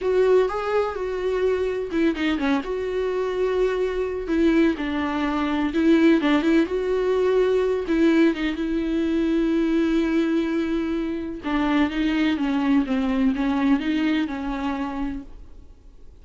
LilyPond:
\new Staff \with { instrumentName = "viola" } { \time 4/4 \tempo 4 = 126 fis'4 gis'4 fis'2 | e'8 dis'8 cis'8 fis'2~ fis'8~ | fis'4 e'4 d'2 | e'4 d'8 e'8 fis'2~ |
fis'8 e'4 dis'8 e'2~ | e'1 | d'4 dis'4 cis'4 c'4 | cis'4 dis'4 cis'2 | }